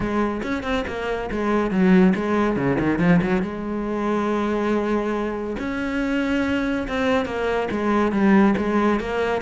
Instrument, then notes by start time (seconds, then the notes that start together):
cello
0.00 G#3
0.42 C#4
0.63 C4
0.87 A#3
1.31 G#3
1.70 F#3
2.15 G#3
2.56 C#3
2.79 D#3
2.99 F3
3.22 F#3
3.41 G#3
5.59 C#4
6.88 C4
7.25 A#3
7.71 G#3
8.12 G3
8.57 G#3
9.00 A#3